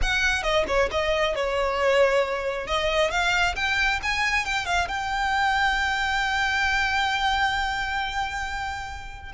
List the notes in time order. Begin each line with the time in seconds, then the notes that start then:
0.02 F#5
0.42 D#5
0.67 C#5
0.91 D#5
1.35 C#5
2.66 D#5
3.11 F5
3.55 G5
4.03 G#5
4.45 G5
4.65 F5
4.87 G5